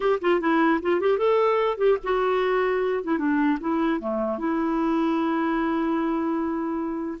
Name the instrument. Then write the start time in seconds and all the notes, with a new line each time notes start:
clarinet
0.00 G4
0.21 F4
0.40 E4
0.82 F4
1.00 G4
1.18 A4
1.77 G4
2.03 F#4
3.03 E4
3.18 D4
3.60 E4
3.99 A3
4.38 E4